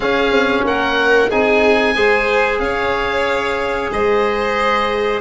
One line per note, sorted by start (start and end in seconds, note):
0.00 1.30 C#4
0.00 0.30 C#4
0.00 0.62 G#4
0.00 0.64 F5
0.30 0.63 C4
0.64 1.29 A#3
0.64 1.29 A#4
0.64 1.31 F#5
1.29 1.95 C4
1.29 1.95 D#4
1.29 1.94 G#4
1.29 2.59 G#5
1.95 2.59 G#3
1.95 5.20 G#4
1.95 2.60 C5
2.59 3.89 C#4
2.59 3.91 C#5
2.59 3.90 F5
3.90 5.20 G#3
3.90 5.20 C5
3.90 5.20 D#5